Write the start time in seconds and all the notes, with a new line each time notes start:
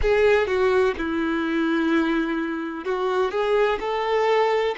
0.02 G#4
0.46 F#4
0.97 E4
2.84 F#4
3.31 G#4
3.80 A4